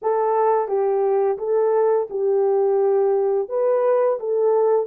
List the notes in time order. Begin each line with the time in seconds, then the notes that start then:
0.02 A4
0.68 G4
1.38 A4
2.09 G4
3.49 B4
4.19 A4